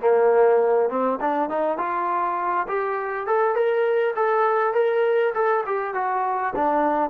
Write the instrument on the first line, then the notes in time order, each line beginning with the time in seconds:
trombone
0.00 A#3
0.89 C4
1.20 D4
1.49 D#4
1.77 F4
2.68 G4
3.26 A4
3.55 A#4
4.16 A4
4.74 A#4
5.34 A4
5.66 G4
5.94 F#4
6.55 D4